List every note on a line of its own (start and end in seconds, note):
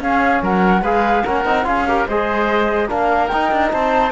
0.00 0.41 C#4
0.00 0.83 C#4
0.00 0.43 G#4
0.00 0.43 F5
0.42 0.82 F#3
0.42 0.82 A#4
0.42 0.84 F#5
0.82 1.23 G#3
0.82 1.26 G#4
0.82 1.23 B4
0.82 1.25 F5
1.24 1.45 A#3
1.24 1.46 C#4
1.24 1.65 A#4
1.24 1.66 F#5
1.45 1.65 C4
1.45 1.64 D#4
1.64 2.07 C#4
1.64 1.85 F4
1.64 1.88 G#4
1.64 2.07 F5
1.88 2.09 G4
1.88 2.08 A#4
2.08 2.90 G#3
2.08 2.89 G#4
2.08 2.89 C5
2.08 2.90 D#5
2.89 3.32 A#3
2.89 3.30 D4
2.89 3.71 A#4
2.89 3.27 F5
3.27 3.52 D#4
3.27 4.11 D#4
3.27 3.68 G5
3.52 3.72 D4
3.72 4.11 C4
3.72 4.11 C5
3.72 4.11 A5